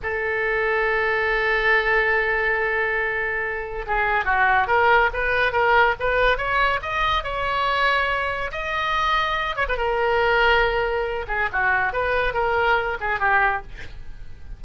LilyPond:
\new Staff \with { instrumentName = "oboe" } { \time 4/4 \tempo 4 = 141 a'1~ | a'1~ | a'4 gis'4 fis'4 ais'4 | b'4 ais'4 b'4 cis''4 |
dis''4 cis''2. | dis''2~ dis''8 cis''16 b'16 ais'4~ | ais'2~ ais'8 gis'8 fis'4 | b'4 ais'4. gis'8 g'4 | }